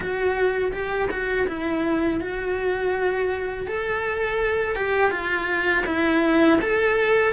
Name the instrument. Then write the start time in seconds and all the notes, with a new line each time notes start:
cello
0.00 F#4
0.72 G4
1.10 F#4
1.47 E4
2.20 F#4
3.67 A4
4.75 G4
5.11 F4
5.85 E4
6.61 A4